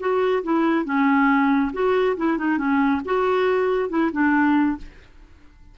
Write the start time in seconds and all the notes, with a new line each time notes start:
0.00 F#4
0.44 E4
0.85 C#4
1.74 F#4
2.17 E4
2.38 D#4
2.58 C#4
3.05 F#4
3.90 E4
4.13 D4